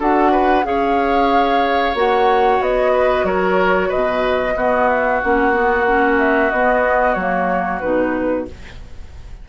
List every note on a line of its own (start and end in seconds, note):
0.00 0.65 D4
0.00 0.63 F#4
0.00 0.32 A4
0.00 0.66 F#5
0.32 0.65 B4
0.63 1.95 C#4
0.63 1.94 G#4
0.63 2.93 C#5
0.63 1.96 F5
1.95 2.60 A#3
1.95 4.56 F#4
1.95 2.63 F#5
2.60 3.24 B3
2.60 3.26 D#5
2.93 3.26 B4
3.24 3.89 F#3
3.24 3.89 A#4
3.24 3.91 C#5
3.89 4.56 B2
3.89 4.54 B4
3.89 4.89 D#5
4.56 5.21 B3
4.56 5.23 B3
4.56 8.48 F#4
4.89 5.21 E5
5.22 6.52 A#3
5.22 5.53 C#4
5.22 6.20 F#5
5.53 5.85 B3
5.87 6.52 C#4
6.20 6.51 E5
6.51 7.15 B3
6.51 7.18 B3
6.51 7.15 D#5
7.15 7.81 F#3
7.15 7.82 A#3
7.15 7.80 C#5
7.80 8.49 B2
7.80 8.47 D#4
7.80 8.46 B4